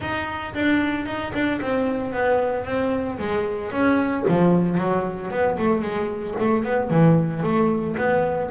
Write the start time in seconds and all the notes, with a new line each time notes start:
0.00 D#4
0.54 D4
1.05 D#4
1.33 D4
1.61 C4
2.12 B3
2.65 C4
3.19 G#3
3.71 C#4
4.28 F3
4.77 F#3
5.30 B3
5.58 A3
5.81 G#3
6.39 A3
6.63 B3
6.90 E3
7.42 A3
7.97 B3